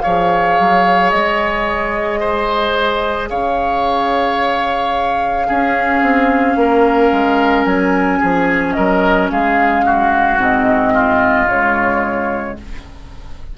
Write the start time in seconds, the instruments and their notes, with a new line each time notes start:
0.00 bassoon F3, clarinet G#4, oboe C#5, flute F5
0.59 bassoon F#3
1.10 bassoon G#3, flute D#5
2.20 oboe C5
3.29 bassoon C#3, oboe C#5, flute F5
5.47 clarinet C#4, bassoon C#4, oboe G#4
6.02 bassoon C4
6.55 bassoon A#3, oboe A#4
7.12 bassoon G#3
7.65 bassoon F#3, flute G#5
8.19 bassoon F3, oboe G#4
8.73 bassoon F#3, oboe A#4, flute D#5
9.30 bassoon G#3, oboe G#4, flute F5
9.85 oboe F#4
10.37 bassoon G#2, clarinet C4, flute D#5
10.93 oboe F4
11.46 bassoon C#3, clarinet G#3, flute C#5